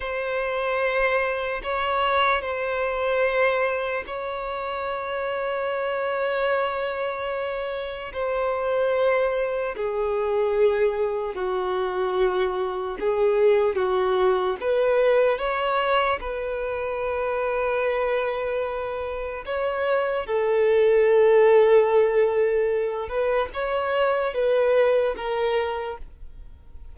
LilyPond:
\new Staff \with { instrumentName = "violin" } { \time 4/4 \tempo 4 = 74 c''2 cis''4 c''4~ | c''4 cis''2.~ | cis''2 c''2 | gis'2 fis'2 |
gis'4 fis'4 b'4 cis''4 | b'1 | cis''4 a'2.~ | a'8 b'8 cis''4 b'4 ais'4 | }